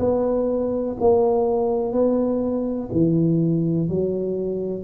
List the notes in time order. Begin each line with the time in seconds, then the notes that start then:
0.00 B3
1.01 A#3
1.93 B3
2.92 E3
3.89 F#3